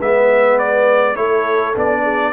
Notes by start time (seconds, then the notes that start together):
0.00 G#3 B3 B4 E5
0.59 D5
1.16 A3 E4 A4 C#5
1.75 B3 D4 D5
2.03 G#4